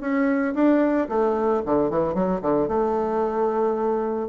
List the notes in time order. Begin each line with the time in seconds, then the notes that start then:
0.00 C#4
0.54 D4
1.09 A3
1.65 D3
1.90 E3
2.14 F#3
2.41 D3
2.68 A3